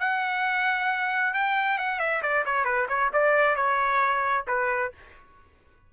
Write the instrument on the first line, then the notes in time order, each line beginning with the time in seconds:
trumpet
0.00 F#5
1.34 G5
1.78 F#5
1.99 E5
2.22 D5
2.45 C#5
2.65 B4
2.89 C#5
3.13 D5
3.56 C#5
4.48 B4